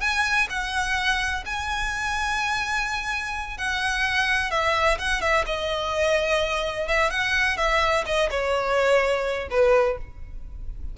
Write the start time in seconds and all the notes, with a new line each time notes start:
0.00 G#5
0.49 F#5
1.45 G#5
3.58 F#5
4.51 E5
4.98 F#5
5.21 E5
5.46 D#5
6.88 E5
7.10 F#5
7.57 E5
8.06 D#5
8.30 C#5
9.50 B4